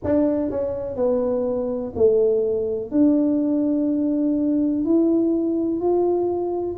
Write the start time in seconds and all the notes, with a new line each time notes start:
0.04 D4
0.50 C#4
0.95 B3
1.95 A3
2.91 D4
4.84 E4
5.80 F4